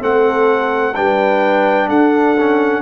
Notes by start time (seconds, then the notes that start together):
0.00 A3 C4 A4 F#5
0.95 G3 D4 B4 G5
1.88 D4 A4 F#5
2.38 C#4